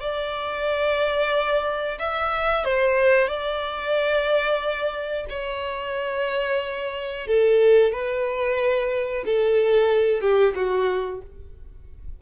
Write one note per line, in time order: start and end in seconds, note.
0.00 1.98 D5
1.99 2.64 E5
2.64 3.27 C5
3.27 5.25 D5
5.29 7.27 C#5
7.27 7.92 A4
7.92 9.24 B4
9.25 10.20 A4
10.20 10.53 G4
10.55 11.21 F#4